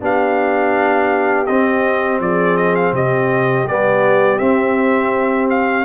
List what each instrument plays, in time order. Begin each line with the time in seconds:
0.00 tuba B3, trombone D4, horn G4, trumpet F5
1.46 trombone C4, tuba C4, trumpet D#5
2.19 tuba F3, horn G#4, trumpet D5
2.57 trumpet D#5
2.75 trumpet F5
2.92 tuba C3, horn G4, trumpet D#5
3.65 tuba G3, trombone B3, trumpet D5
4.38 trombone C4, tuba C4, trumpet E5
5.49 trumpet F5